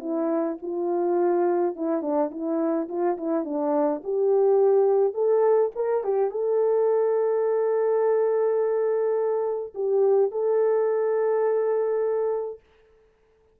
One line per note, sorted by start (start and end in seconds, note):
0.00 0.57 E4
0.62 1.76 F4
1.76 2.02 E4
2.02 2.30 D4
2.31 2.88 E4
2.89 3.17 F4
3.17 3.45 E4
3.45 4.02 D4
4.04 5.14 G4
5.14 5.71 A4
5.76 6.04 A#4
6.04 6.31 G4
6.31 9.74 A4
9.75 10.31 G4
10.31 12.60 A4